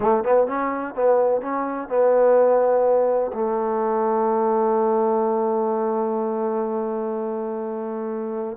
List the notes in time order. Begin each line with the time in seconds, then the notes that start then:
0.00 A3
0.23 B3
0.47 C#4
0.94 B3
1.41 C#4
1.88 B3
3.33 A3